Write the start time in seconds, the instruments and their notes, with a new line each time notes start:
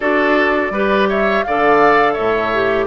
0.00 bassoon D4, clarinet F#4, oboe A4, flute D5
0.70 bassoon G3, clarinet G4, oboe B4
1.08 oboe C#5, flute E5
1.43 bassoon D3, clarinet A4, oboe D5, flute F5
2.13 bassoon A2, oboe C#5, flute E5
2.53 clarinet G4